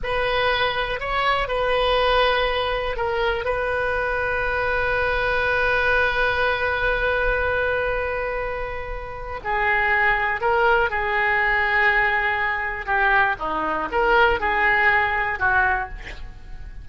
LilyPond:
\new Staff \with { instrumentName = "oboe" } { \time 4/4 \tempo 4 = 121 b'2 cis''4 b'4~ | b'2 ais'4 b'4~ | b'1~ | b'1~ |
b'2. gis'4~ | gis'4 ais'4 gis'2~ | gis'2 g'4 dis'4 | ais'4 gis'2 fis'4 | }